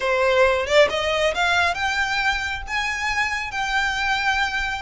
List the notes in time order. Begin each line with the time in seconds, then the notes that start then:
0.00 C5
0.66 D5
0.89 D#5
1.34 F5
1.74 G5
2.67 G#5
3.51 G5